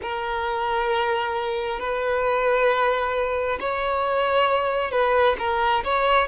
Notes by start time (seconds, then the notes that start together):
0.02 A#4
1.79 B4
3.60 C#5
4.91 B4
5.38 A#4
5.84 C#5